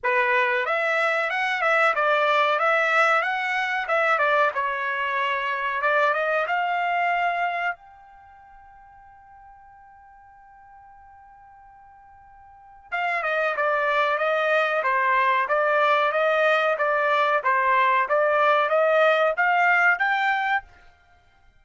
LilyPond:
\new Staff \with { instrumentName = "trumpet" } { \time 4/4 \tempo 4 = 93 b'4 e''4 fis''8 e''8 d''4 | e''4 fis''4 e''8 d''8 cis''4~ | cis''4 d''8 dis''8 f''2 | g''1~ |
g''1 | f''8 dis''8 d''4 dis''4 c''4 | d''4 dis''4 d''4 c''4 | d''4 dis''4 f''4 g''4 | }